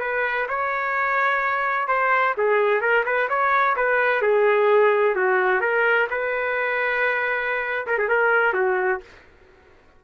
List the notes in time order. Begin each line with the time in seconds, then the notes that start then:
0.00 B4
0.49 C#5
1.88 C5
2.38 G#4
2.81 A#4
3.05 B4
3.29 C#5
3.76 B4
4.22 G#4
5.16 F#4
5.61 A#4
6.10 B4
7.87 A#4
7.98 G#4
8.09 A#4
8.54 F#4